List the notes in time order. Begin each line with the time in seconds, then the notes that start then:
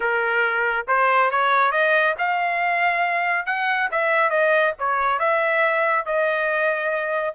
0.00 A#4
0.87 C5
1.30 C#5
1.71 D#5
2.18 F5
3.46 F#5
3.91 E5
4.29 D#5
4.78 C#5
5.19 E5
6.05 D#5